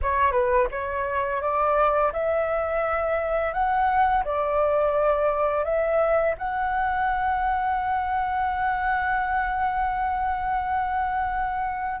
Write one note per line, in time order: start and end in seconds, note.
0.02 0.31 C#5
0.31 0.67 B4
0.71 1.41 C#5
1.41 2.12 D5
2.12 3.53 E5
3.53 4.24 F#5
4.24 5.64 D5
5.64 6.35 E5
6.38 12.00 F#5